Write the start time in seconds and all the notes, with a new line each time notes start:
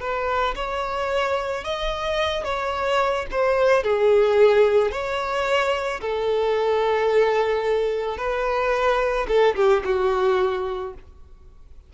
0.00 B4
0.55 C#5
1.64 D#5
2.44 C#5
3.31 C5
3.83 G#4
4.91 C#5
6.01 A4
8.17 B4
9.28 A4
9.55 G4
9.84 F#4